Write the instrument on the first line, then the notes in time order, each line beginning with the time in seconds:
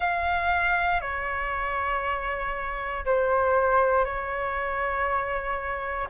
flute
0.00 F5
1.01 C#5
3.05 C5
4.04 C#5